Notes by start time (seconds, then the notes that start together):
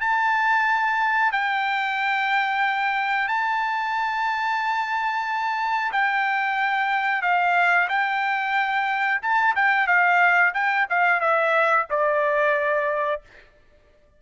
0.00 A5
1.32 G5
3.28 A5
5.92 G5
7.22 F5
7.89 G5
9.22 A5
9.55 G5
9.87 F5
10.54 G5
10.89 F5
11.20 E5
11.90 D5